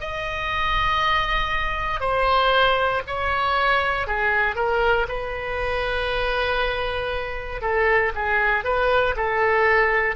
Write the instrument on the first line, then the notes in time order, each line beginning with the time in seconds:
oboe
0.00 D#5
2.00 C5
3.07 C#5
4.07 G#4
4.56 A#4
5.08 B4
7.61 A4
8.15 G#4
8.64 B4
9.16 A4